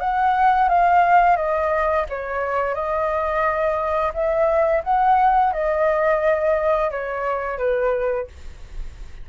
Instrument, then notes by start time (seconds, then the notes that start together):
flute
0.00 F#5
0.69 F5
1.36 D#5
2.09 C#5
2.75 D#5
4.14 E5
4.84 F#5
5.53 D#5
6.91 C#5
7.58 B4